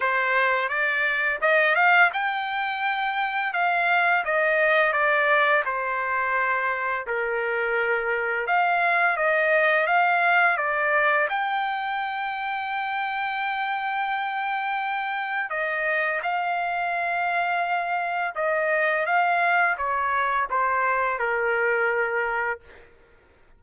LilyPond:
\new Staff \with { instrumentName = "trumpet" } { \time 4/4 \tempo 4 = 85 c''4 d''4 dis''8 f''8 g''4~ | g''4 f''4 dis''4 d''4 | c''2 ais'2 | f''4 dis''4 f''4 d''4 |
g''1~ | g''2 dis''4 f''4~ | f''2 dis''4 f''4 | cis''4 c''4 ais'2 | }